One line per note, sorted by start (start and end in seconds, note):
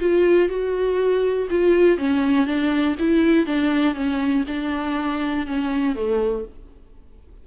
0.00 0.49 F4
0.49 1.48 F#4
1.50 1.98 F4
1.98 2.46 C#4
2.46 2.96 D4
2.99 3.46 E4
3.46 3.95 D4
3.95 4.44 C#4
4.47 5.47 D4
5.47 5.95 C#4
5.95 6.45 A3